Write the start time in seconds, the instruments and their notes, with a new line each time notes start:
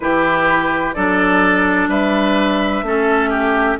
0.00 bassoon E3, clarinet E4, oboe G4, flute B4
0.93 bassoon F#3, clarinet D4, oboe A4, flute D5
1.88 bassoon G3, oboe B4, flute E5
2.82 bassoon A3, clarinet C#4, oboe A4
3.29 oboe G4